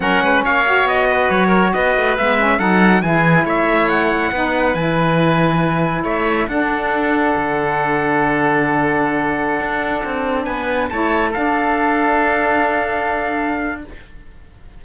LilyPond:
<<
  \new Staff \with { instrumentName = "trumpet" } { \time 4/4 \tempo 4 = 139 fis''4 f''4 dis''4 cis''4 | dis''4 e''4 fis''4 gis''4 | e''4 fis''2 gis''4~ | gis''2 e''4 fis''4~ |
fis''1~ | fis''1~ | fis''16 gis''4 a''4 f''4.~ f''16~ | f''1 | }
  \new Staff \with { instrumentName = "oboe" } { \time 4/4 ais'8 b'8 cis''4. b'4 ais'8 | b'2 a'4 gis'4 | cis''2 b'2~ | b'2 cis''4 a'4~ |
a'1~ | a'1~ | a'16 b'4 cis''4 a'4.~ a'16~ | a'1 | }
  \new Staff \with { instrumentName = "saxophone" } { \time 4/4 cis'4. fis'2~ fis'8~ | fis'4 b8 cis'8 dis'4 e'4~ | e'2 dis'4 e'4~ | e'2. d'4~ |
d'1~ | d'1~ | d'4~ d'16 e'4 d'4.~ d'16~ | d'1 | }
  \new Staff \with { instrumentName = "cello" } { \time 4/4 fis8 gis8 ais4 b4 fis4 | b8 a8 gis4 fis4 e4 | a2 b4 e4~ | e2 a4 d'4~ |
d'4 d2.~ | d2~ d16 d'4 c'8.~ | c'16 b4 a4 d'4.~ d'16~ | d'1 | }
>>